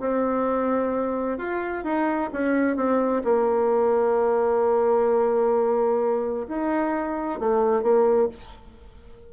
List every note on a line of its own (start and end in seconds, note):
0.00 1.38 C4
1.38 1.84 F4
1.84 2.30 D#4
2.33 2.76 C#4
2.76 3.22 C4
3.24 6.47 A#3
6.48 7.39 D#4
7.39 7.82 A3
7.82 8.28 A#3